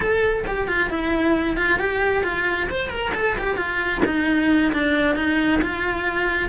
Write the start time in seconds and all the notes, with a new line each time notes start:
0.00 A4
0.46 G4
0.67 F4
0.90 E4
1.56 F4
1.79 G4
2.23 F4
2.70 C5
2.89 A#4
3.14 A4
3.38 G4
3.56 F4
4.05 D#4
4.72 D4
5.15 D#4
5.61 F4